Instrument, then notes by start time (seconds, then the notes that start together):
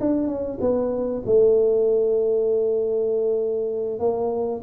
tuba
0.00 D4
0.27 C#4
0.60 B3
1.26 A3
3.99 A#3